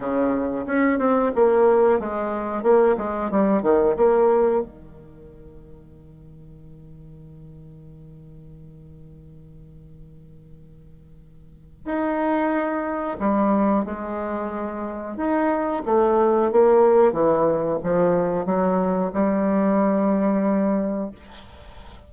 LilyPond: \new Staff \with { instrumentName = "bassoon" } { \time 4/4 \tempo 4 = 91 cis4 cis'8 c'8 ais4 gis4 | ais8 gis8 g8 dis8 ais4 dis4~ | dis1~ | dis1~ |
dis2 dis'2 | g4 gis2 dis'4 | a4 ais4 e4 f4 | fis4 g2. | }